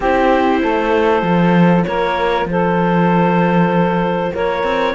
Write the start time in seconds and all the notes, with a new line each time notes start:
0.00 C4 E4 G4 C5
0.62 A3 A4
1.22 F3 F4
1.84 A#3 A#4 C#5
2.45 F3 A4 C5
4.32 A#3 A#4 C#5
4.63 C4